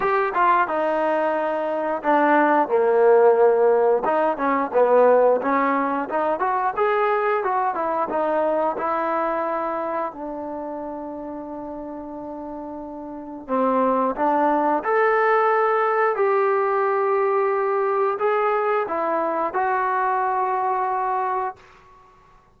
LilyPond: \new Staff \with { instrumentName = "trombone" } { \time 4/4 \tempo 4 = 89 g'8 f'8 dis'2 d'4 | ais2 dis'8 cis'8 b4 | cis'4 dis'8 fis'8 gis'4 fis'8 e'8 | dis'4 e'2 d'4~ |
d'1 | c'4 d'4 a'2 | g'2. gis'4 | e'4 fis'2. | }